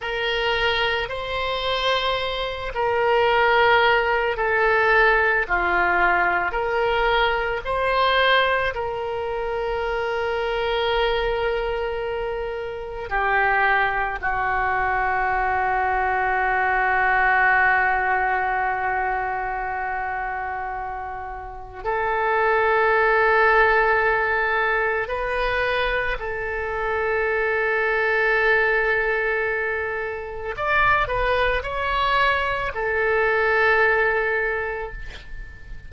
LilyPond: \new Staff \with { instrumentName = "oboe" } { \time 4/4 \tempo 4 = 55 ais'4 c''4. ais'4. | a'4 f'4 ais'4 c''4 | ais'1 | g'4 fis'2.~ |
fis'1 | a'2. b'4 | a'1 | d''8 b'8 cis''4 a'2 | }